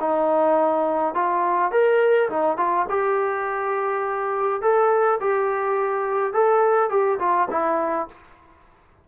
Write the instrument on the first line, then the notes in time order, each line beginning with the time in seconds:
trombone
0.00 D#4
1.14 F4
1.72 A#4
2.30 D#4
2.57 F4
2.90 G4
4.62 A4
5.21 G4
6.33 A4
6.90 G4
7.19 F4
7.51 E4